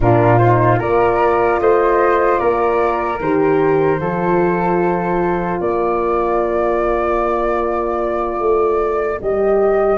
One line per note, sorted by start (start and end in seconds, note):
0.00 0.80 A#2
0.00 0.41 D4
0.00 0.79 F4
0.00 0.38 A#4
0.38 0.78 D#4
0.38 0.78 C5
0.78 1.59 A#3
0.78 3.18 F4
0.78 1.59 A#4
0.78 1.60 D5
1.59 2.39 A3
1.59 2.40 C5
1.59 2.38 D#5
2.38 3.20 A#3
2.38 4.00 A#4
2.38 3.18 D5
3.20 3.99 D#3
3.20 4.00 G4
3.20 5.60 C5
3.99 5.59 F3
3.99 9.20 F4
3.99 5.59 A4
5.59 8.39 A#3
5.59 9.97 A#4
5.59 9.20 D5
8.39 9.19 A3
9.21 9.97 G3
9.21 9.97 G4
9.21 9.97 D#5